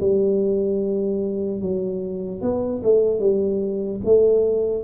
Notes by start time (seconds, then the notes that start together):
0.00 G3
1.61 F#3
2.41 B3
2.83 A3
3.19 G3
4.05 A3